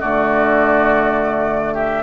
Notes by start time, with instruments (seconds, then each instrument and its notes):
0.00 bassoon D3, clarinet A3, oboe F#4, flute D5
1.74 oboe G4, flute E5